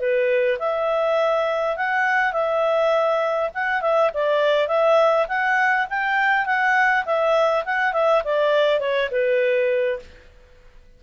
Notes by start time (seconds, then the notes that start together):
0.00 B4
0.60 E5
1.77 F#5
2.33 E5
3.55 F#5
3.82 E5
4.14 D5
4.68 E5
5.29 F#5
5.90 G5
6.47 F#5
7.06 E5
7.65 F#5
7.94 E5
8.25 D5
8.80 C#5
9.12 B4